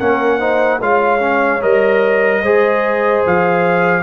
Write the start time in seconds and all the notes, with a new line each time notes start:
0.00 A#3 C#4 A#4 F#5
0.40 D#4 C5
0.81 G#3 F4 C#5 F5
1.20 C#4
1.62 G3 A#4 D#5
2.43 G#3 G#4 C5
3.26 F3 F5